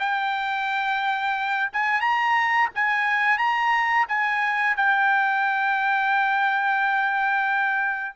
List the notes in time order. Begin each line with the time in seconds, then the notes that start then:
0.00 G5
1.73 G#5
2.01 A#5
2.75 G#5
3.38 A#5
4.09 G#5
4.77 G5